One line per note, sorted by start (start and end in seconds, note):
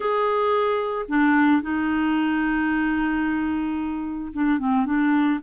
0.00 1.05 G#4
1.08 1.62 D4
1.62 4.32 D#4
4.33 4.58 D4
4.58 4.85 C4
4.85 5.39 D4